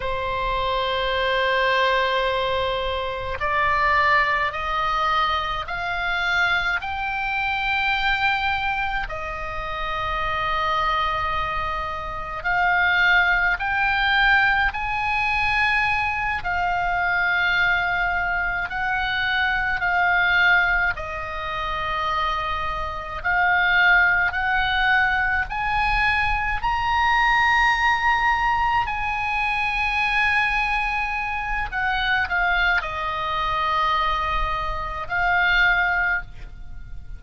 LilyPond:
\new Staff \with { instrumentName = "oboe" } { \time 4/4 \tempo 4 = 53 c''2. d''4 | dis''4 f''4 g''2 | dis''2. f''4 | g''4 gis''4. f''4.~ |
f''8 fis''4 f''4 dis''4.~ | dis''8 f''4 fis''4 gis''4 ais''8~ | ais''4. gis''2~ gis''8 | fis''8 f''8 dis''2 f''4 | }